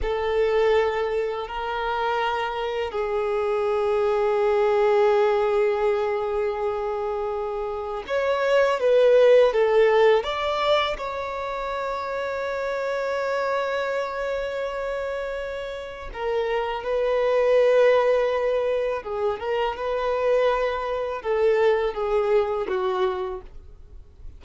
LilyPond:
\new Staff \with { instrumentName = "violin" } { \time 4/4 \tempo 4 = 82 a'2 ais'2 | gis'1~ | gis'2. cis''4 | b'4 a'4 d''4 cis''4~ |
cis''1~ | cis''2 ais'4 b'4~ | b'2 gis'8 ais'8 b'4~ | b'4 a'4 gis'4 fis'4 | }